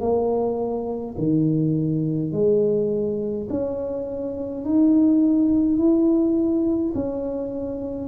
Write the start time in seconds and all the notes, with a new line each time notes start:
0.00 A#3
1.18 D#3
2.32 G#3
3.50 C#4
4.65 D#4
5.78 E4
6.94 C#4